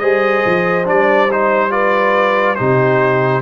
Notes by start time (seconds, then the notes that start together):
0.00 G3 G#4 C5 D#5
0.46 F3
0.85 G3 D4 D5
1.32 D#4 C5
1.70 F4 B4 D5
2.55 C3 D#4 G4 C5